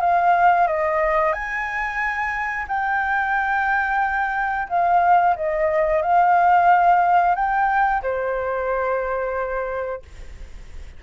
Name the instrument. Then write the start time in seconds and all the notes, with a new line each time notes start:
flute
0.00 F5
0.67 D#5
1.32 G#5
2.68 G5
4.68 F5
5.36 D#5
6.02 F5
7.35 G5
8.02 C5